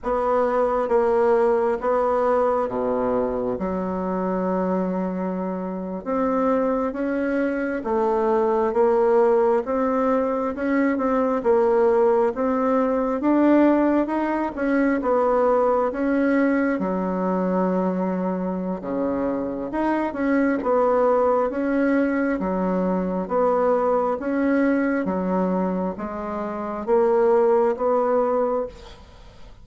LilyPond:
\new Staff \with { instrumentName = "bassoon" } { \time 4/4 \tempo 4 = 67 b4 ais4 b4 b,4 | fis2~ fis8. c'4 cis'16~ | cis'8. a4 ais4 c'4 cis'16~ | cis'16 c'8 ais4 c'4 d'4 dis'16~ |
dis'16 cis'8 b4 cis'4 fis4~ fis16~ | fis4 cis4 dis'8 cis'8 b4 | cis'4 fis4 b4 cis'4 | fis4 gis4 ais4 b4 | }